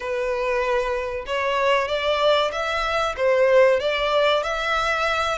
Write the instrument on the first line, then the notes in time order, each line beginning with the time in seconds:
violin
0.00 B4
1.26 C#5
1.88 D5
2.52 E5
3.16 C5
3.80 D5
4.43 E5